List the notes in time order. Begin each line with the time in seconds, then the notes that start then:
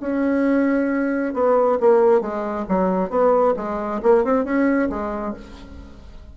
0.00 C#4
1.34 B3
1.80 A#3
2.21 G#3
2.68 F#3
3.10 B3
3.56 G#3
4.02 A#3
4.24 C4
4.44 C#4
4.89 G#3